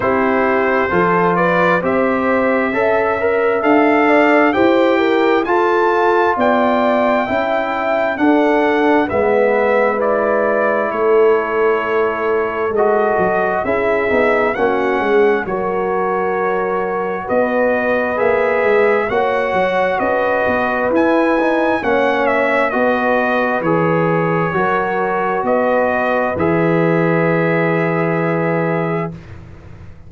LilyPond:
<<
  \new Staff \with { instrumentName = "trumpet" } { \time 4/4 \tempo 4 = 66 c''4. d''8 e''2 | f''4 g''4 a''4 g''4~ | g''4 fis''4 e''4 d''4 | cis''2 dis''4 e''4 |
fis''4 cis''2 dis''4 | e''4 fis''4 dis''4 gis''4 | fis''8 e''8 dis''4 cis''2 | dis''4 e''2. | }
  \new Staff \with { instrumentName = "horn" } { \time 4/4 g'4 a'8 b'8 c''4 e''4~ | e''8 d''8 c''8 ais'8 a'4 d''4 | e''4 a'4 b'2 | a'2. gis'4 |
fis'8 gis'8 ais'2 b'4~ | b'4 cis''4 b'2 | cis''4 b'2 ais'4 | b'1 | }
  \new Staff \with { instrumentName = "trombone" } { \time 4/4 e'4 f'4 g'4 a'8 ais'8 | a'4 g'4 f'2 | e'4 d'4 b4 e'4~ | e'2 fis'4 e'8 dis'8 |
cis'4 fis'2. | gis'4 fis'2 e'8 dis'8 | cis'4 fis'4 gis'4 fis'4~ | fis'4 gis'2. | }
  \new Staff \with { instrumentName = "tuba" } { \time 4/4 c'4 f4 c'4 cis'4 | d'4 e'4 f'4 b4 | cis'4 d'4 gis2 | a2 gis8 fis8 cis'8 b8 |
ais8 gis8 fis2 b4 | ais8 gis8 ais8 fis8 cis'8 b8 e'4 | ais4 b4 e4 fis4 | b4 e2. | }
>>